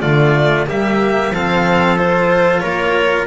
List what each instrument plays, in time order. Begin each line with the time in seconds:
0.00 double bass D3, cello A3, trumpet F4, violin D5
0.66 double bass G3, cello A#3, trumpet G4, violin E5
1.31 double bass F3, cello C4, trumpet A4, violin F5
1.97 cello F4, violin C5
2.60 double bass A#3, trumpet A#4, violin C#5